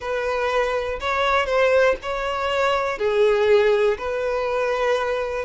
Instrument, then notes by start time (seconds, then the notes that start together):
violin
0.00 B4
1.00 C#5
1.46 C5
2.02 C#5
2.98 G#4
3.98 B4